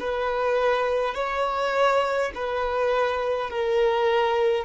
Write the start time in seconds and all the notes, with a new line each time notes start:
0.00 B4
1.14 C#5
2.35 B4
3.50 A#4